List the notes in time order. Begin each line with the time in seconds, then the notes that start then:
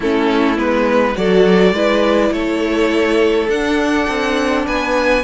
0.00 A3 C#4 E4 A4
0.56 G#3 B3 B4
1.14 F#3 F#4 A4 D5
1.71 G#3 E4 B4
2.31 A3 A4 C#5
3.48 D4 F#5
4.08 C4
4.66 B3 B4 G#5